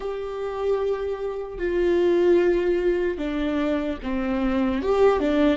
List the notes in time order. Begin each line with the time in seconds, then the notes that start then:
0.00 G4
1.58 F4
3.18 D4
4.03 C4
4.81 G4
5.19 D4